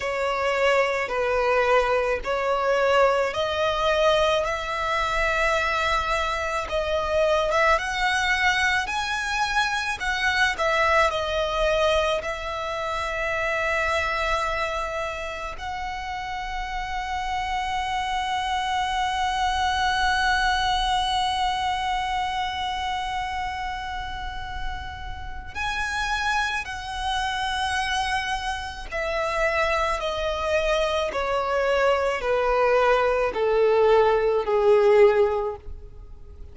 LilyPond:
\new Staff \with { instrumentName = "violin" } { \time 4/4 \tempo 4 = 54 cis''4 b'4 cis''4 dis''4 | e''2 dis''8. e''16 fis''4 | gis''4 fis''8 e''8 dis''4 e''4~ | e''2 fis''2~ |
fis''1~ | fis''2. gis''4 | fis''2 e''4 dis''4 | cis''4 b'4 a'4 gis'4 | }